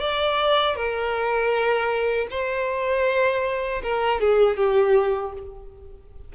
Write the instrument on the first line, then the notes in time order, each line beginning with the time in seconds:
violin
0.00 D5
0.75 A#4
2.30 C5
3.83 A#4
4.20 G#4
4.57 G4